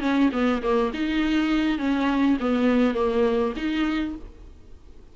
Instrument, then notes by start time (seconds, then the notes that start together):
viola
0.00 C#4
0.32 B3
0.62 A#3
0.93 D#4
1.78 C#4
2.40 B3
2.94 A#3
3.56 D#4